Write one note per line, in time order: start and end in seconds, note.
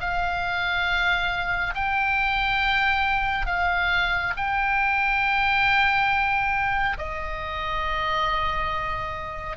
0.00 1.74 F5
1.74 3.46 G5
3.46 4.33 F5
4.36 6.97 G5
6.98 9.57 D#5